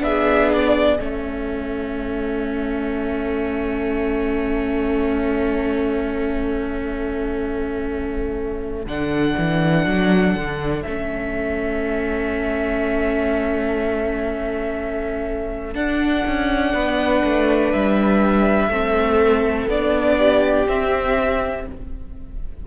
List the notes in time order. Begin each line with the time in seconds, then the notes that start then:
0.00 B3 D4 G#4 E5
0.52 D5
0.99 A3 C#4 A4 E5
8.86 D3 D4 F#5
9.38 E3
9.85 F#3
10.35 D3
10.82 A3 C#4 E5
15.74 D4 F#5
16.27 C#4
16.73 B3 B4
17.24 A3
17.72 G3 E5
18.68 A3 C4 A4
19.67 B3 D4 D5
20.17 G4
20.68 C4 E5